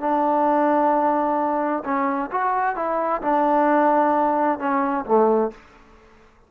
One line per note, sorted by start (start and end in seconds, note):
0.00 1.83 D4
1.84 2.30 C#4
2.31 2.75 F#4
2.75 3.21 E4
3.21 4.59 D4
4.59 5.05 C#4
5.05 5.51 A3